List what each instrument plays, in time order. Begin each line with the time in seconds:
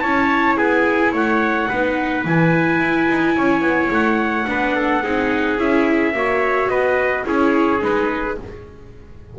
0.00 double bass C#4, viola E4, trumpet C#5 A5
0.57 double bass B3, trumpet G#4 G#5
1.12 double bass A3, trumpet C#5 F#5
1.69 double bass B3, viola D#4, trumpet B4
2.25 double bass E3, viola E4, trumpet G#5
2.81 double bass E4
3.09 double bass D#4
3.37 double bass C#4, trumpet C#5
3.61 double bass B3
3.91 double bass A3, trumpet F#5
4.47 double bass B3, viola D4, trumpet B4
4.76 trumpet A4
5.04 double bass C4, viola D#4, trumpet G#4
5.58 double bass C#4, viola E4, trumpet E5
6.13 double bass A#3, viola F#4, trumpet C#5
6.69 double bass B3, trumpet B4 D#5
7.26 double bass C#4, viola E4, trumpet G#4 C#5
7.80 double bass G#3, viola D#4, trumpet B4